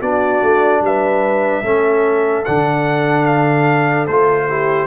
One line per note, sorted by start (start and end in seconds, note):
0.00 0.41 B3
0.00 1.64 D4
0.00 0.81 F#4
0.00 0.83 D5
0.42 0.81 A3
0.81 1.62 G3
0.81 1.62 B4
0.81 2.44 E5
1.62 2.43 A3
1.62 2.45 C#4
1.62 4.46 A4
2.44 4.07 D3
2.44 4.09 D4
2.44 3.25 F#5
3.25 4.06 F5
4.07 4.86 A3
4.07 4.49 F4
4.07 4.86 C5
4.48 4.86 E4
4.48 4.86 G4